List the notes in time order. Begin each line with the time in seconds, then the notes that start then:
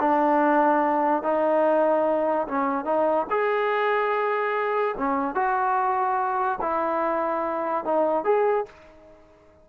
0.00 D4
1.23 D#4
2.48 C#4
2.85 D#4
3.30 G#4
4.98 C#4
5.35 F#4
6.62 E4
7.85 D#4
8.25 G#4